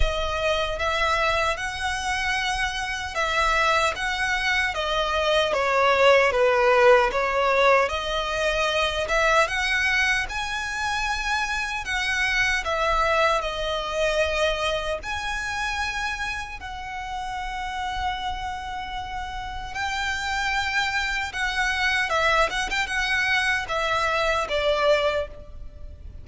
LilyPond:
\new Staff \with { instrumentName = "violin" } { \time 4/4 \tempo 4 = 76 dis''4 e''4 fis''2 | e''4 fis''4 dis''4 cis''4 | b'4 cis''4 dis''4. e''8 | fis''4 gis''2 fis''4 |
e''4 dis''2 gis''4~ | gis''4 fis''2.~ | fis''4 g''2 fis''4 | e''8 fis''16 g''16 fis''4 e''4 d''4 | }